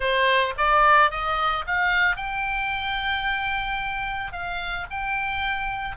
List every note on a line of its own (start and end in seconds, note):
0.00 0.54 C5
0.57 1.11 D5
1.11 1.65 D#5
1.67 2.16 F5
2.16 4.32 G5
4.32 4.86 F5
4.90 5.96 G5